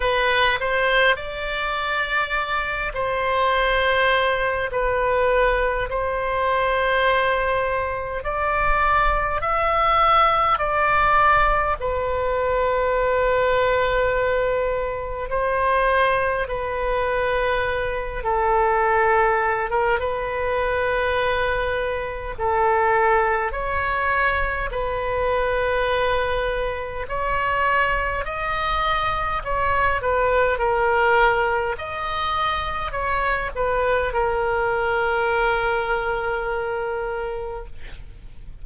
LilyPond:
\new Staff \with { instrumentName = "oboe" } { \time 4/4 \tempo 4 = 51 b'8 c''8 d''4. c''4. | b'4 c''2 d''4 | e''4 d''4 b'2~ | b'4 c''4 b'4. a'8~ |
a'8. ais'16 b'2 a'4 | cis''4 b'2 cis''4 | dis''4 cis''8 b'8 ais'4 dis''4 | cis''8 b'8 ais'2. | }